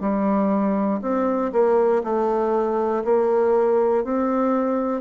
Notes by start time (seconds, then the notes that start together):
0.00 G3
1.01 C4
1.52 A#3
2.04 A3
3.05 A#3
4.04 C4